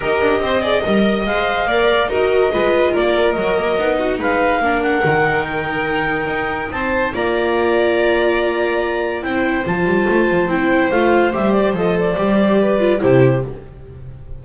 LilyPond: <<
  \new Staff \with { instrumentName = "clarinet" } { \time 4/4 \tempo 4 = 143 dis''2. f''4~ | f''4 dis''2 d''4 | dis''2 f''4. fis''8~ | fis''4 g''2. |
a''4 ais''2.~ | ais''2 g''4 a''4~ | a''4 g''4 f''4 e''8 d''8 | dis''8 d''2~ d''8 c''4 | }
  \new Staff \with { instrumentName = "violin" } { \time 4/4 ais'4 c''8 d''8 dis''2 | d''4 ais'4 b'4 ais'4~ | ais'4. fis'8 b'4 ais'4~ | ais'1 |
c''4 d''2.~ | d''2 c''2~ | c''1~ | c''2 b'4 g'4 | }
  \new Staff \with { instrumentName = "viola" } { \time 4/4 g'4. gis'8 ais'4 c''4 | ais'4 fis'4 f'2 | fis'8 ais8 dis'2 d'4 | dis'1~ |
dis'4 f'2.~ | f'2 e'4 f'4~ | f'4 e'4 f'4 g'4 | a'4 g'4. f'8 e'4 | }
  \new Staff \with { instrumentName = "double bass" } { \time 4/4 dis'8 d'8 c'4 g4 gis4 | ais4 dis'4 gis4 ais4 | fis4 b4 gis4 ais4 | dis2. dis'4 |
c'4 ais2.~ | ais2 c'4 f8 g8 | a8 f8 c'4 a4 g4 | f4 g2 c4 | }
>>